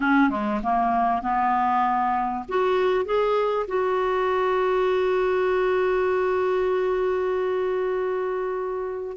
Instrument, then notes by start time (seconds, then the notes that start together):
clarinet
0.00 C#4
0.29 G#3
0.63 A#3
1.21 B3
2.48 F#4
3.05 G#4
3.67 F#4